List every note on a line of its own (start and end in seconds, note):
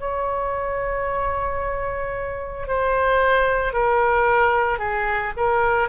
0.00 2.67 C#5
2.67 3.73 C5
3.73 4.79 A#4
4.79 5.32 G#4
5.37 5.89 A#4